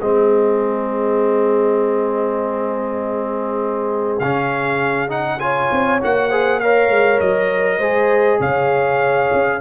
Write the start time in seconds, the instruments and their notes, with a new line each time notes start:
0.00 tuba G#3, trombone C4, horn G#4, trumpet D#5
4.19 tuba C#3, trombone C#4, trumpet F5
5.08 trombone D#4, trumpet F#5
5.39 trombone F4, horn C#5, trumpet G#5
5.71 tuba C4
6.01 tuba A#3, trombone F#4, trumpet F#5
6.29 trombone G#4, horn C5
6.59 trombone A#4, horn C#5, trumpet F5
6.89 tuba G#3
7.20 tuba F#3, trumpet D#5
7.78 tuba G#3, trombone G#4, horn C5
8.39 tuba C#3, horn C#5, trumpet F5
9.33 tuba C#4